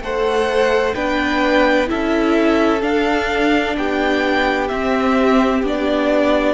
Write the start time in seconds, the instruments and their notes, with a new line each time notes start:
0.00 cello A3, viola A4, violin C5 F#5
0.94 cello B3, viola D4, violin B4 G5
1.86 cello C#4, viola E4, violin A4 E5
2.81 viola D4, cello D4, violin F5
3.76 cello B3, violin G4 G5
4.68 viola C4, cello C4, violin E5
5.62 cello B3, viola D4, violin D5